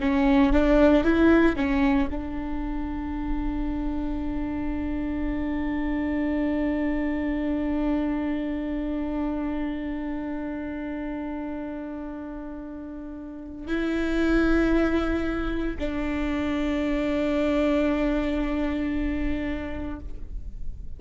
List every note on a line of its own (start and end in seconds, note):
0.00 0.53 C#4
0.53 1.04 D4
1.04 1.56 E4
1.56 2.09 C#4
2.10 13.67 D4
13.67 15.78 E4
15.78 20.00 D4